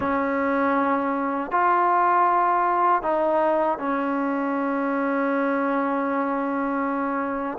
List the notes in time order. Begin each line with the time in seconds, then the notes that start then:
0.00 C#4
1.51 F4
3.02 D#4
3.78 C#4